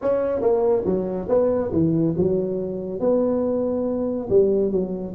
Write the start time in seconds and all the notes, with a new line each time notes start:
0.01 C#4
0.40 A#3
0.85 F#3
1.28 B3
1.71 E3
2.17 F#3
3.00 B3
4.29 G3
4.71 F#3